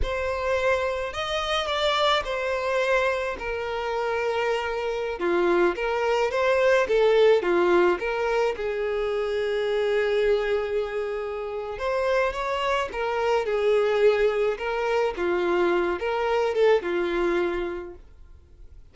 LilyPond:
\new Staff \with { instrumentName = "violin" } { \time 4/4 \tempo 4 = 107 c''2 dis''4 d''4 | c''2 ais'2~ | ais'4~ ais'16 f'4 ais'4 c''8.~ | c''16 a'4 f'4 ais'4 gis'8.~ |
gis'1~ | gis'4 c''4 cis''4 ais'4 | gis'2 ais'4 f'4~ | f'8 ais'4 a'8 f'2 | }